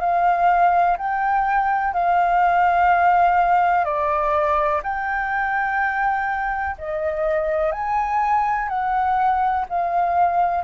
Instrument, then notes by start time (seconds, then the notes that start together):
flute
0.00 F5
0.98 G5
1.93 F5
3.84 D5
4.83 G5
6.78 D#5
7.72 G#5
8.69 F#5
9.69 F5